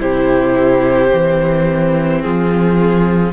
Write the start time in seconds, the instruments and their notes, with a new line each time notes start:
0.00 cello C3, viola E4, violin G4 C5
1.09 cello E3, viola C4
2.22 cello F3, violin F4 G#4